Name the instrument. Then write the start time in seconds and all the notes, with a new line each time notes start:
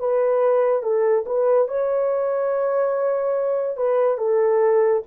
horn
0.00 B4
0.83 A4
1.26 B4
1.68 C#5
3.77 B4
4.18 A4